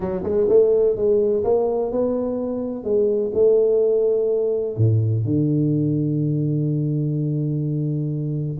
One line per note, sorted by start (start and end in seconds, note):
0.00 0.23 F#3
0.23 0.47 G#3
0.48 0.96 A3
0.96 1.43 G#3
1.44 1.91 A#3
1.91 2.84 B3
2.84 3.31 G#3
3.34 4.76 A3
4.77 5.24 A2
5.24 8.58 D3